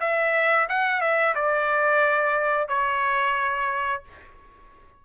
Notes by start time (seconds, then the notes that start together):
0.00 E5
0.69 F#5
1.01 E5
1.35 D5
2.68 C#5